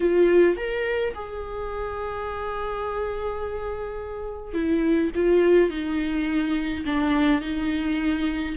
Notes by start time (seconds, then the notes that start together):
0.00 F4
0.57 A#4
1.14 G#4
4.53 E4
5.15 F4
5.70 D#4
6.85 D4
7.41 D#4